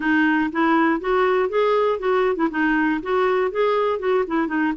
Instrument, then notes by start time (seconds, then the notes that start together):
clarinet
0.00 D#4
0.52 E4
1.00 F#4
1.49 G#4
1.99 F#4
2.36 E4
2.50 D#4
3.02 F#4
3.51 G#4
3.99 F#4
4.27 E4
4.47 D#4